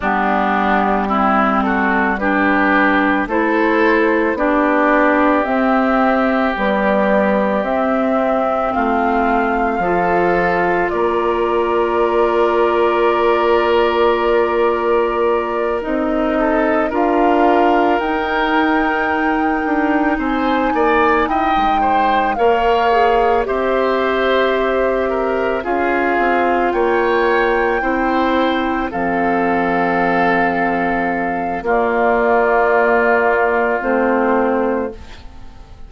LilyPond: <<
  \new Staff \with { instrumentName = "flute" } { \time 4/4 \tempo 4 = 55 g'4. a'8 b'4 c''4 | d''4 e''4 d''4 e''4 | f''2 d''2~ | d''2~ d''8 dis''4 f''8~ |
f''8 g''2 gis''4 g''8~ | g''8 f''4 e''2 f''8~ | f''8 g''2 f''4.~ | f''4 d''2 c''4 | }
  \new Staff \with { instrumentName = "oboe" } { \time 4/4 d'4 e'8 fis'8 g'4 a'4 | g'1 | f'4 a'4 ais'2~ | ais'2. a'8 ais'8~ |
ais'2~ ais'8 c''8 d''8 dis''8 | c''8 cis''4 c''4. ais'8 gis'8~ | gis'8 cis''4 c''4 a'4.~ | a'4 f'2. | }
  \new Staff \with { instrumentName = "clarinet" } { \time 4/4 b4 c'4 d'4 e'4 | d'4 c'4 g4 c'4~ | c'4 f'2.~ | f'2~ f'8 dis'4 f'8~ |
f'8 dis'2.~ dis'8~ | dis'8 ais'8 gis'8 g'2 f'8~ | f'4. e'4 c'4.~ | c'4 ais2 c'4 | }
  \new Staff \with { instrumentName = "bassoon" } { \time 4/4 g2. a4 | b4 c'4 b4 c'4 | a4 f4 ais2~ | ais2~ ais8 c'4 d'8~ |
d'8 dis'4. d'8 c'8 ais8 e'16 gis16~ | gis8 ais4 c'2 cis'8 | c'8 ais4 c'4 f4.~ | f4 ais2 a4 | }
>>